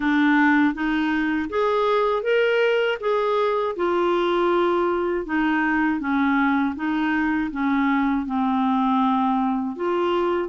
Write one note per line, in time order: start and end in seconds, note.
0.00 0.74 D4
0.74 1.49 D#4
1.49 2.23 G#4
2.23 2.98 A#4
3.00 3.75 G#4
3.76 5.25 F4
5.25 6.00 D#4
6.00 6.75 C#4
6.75 7.50 D#4
7.51 8.26 C#4
8.26 9.76 C4
9.76 10.49 F4